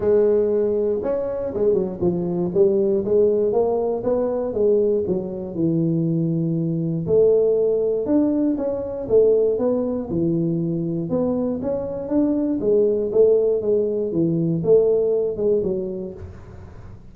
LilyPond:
\new Staff \with { instrumentName = "tuba" } { \time 4/4 \tempo 4 = 119 gis2 cis'4 gis8 fis8 | f4 g4 gis4 ais4 | b4 gis4 fis4 e4~ | e2 a2 |
d'4 cis'4 a4 b4 | e2 b4 cis'4 | d'4 gis4 a4 gis4 | e4 a4. gis8 fis4 | }